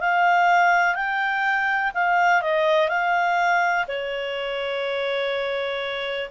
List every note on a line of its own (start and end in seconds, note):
0.00 0.95 F5
0.95 1.92 G5
1.94 2.41 F5
2.41 2.89 D#5
2.89 3.85 F5
3.88 6.30 C#5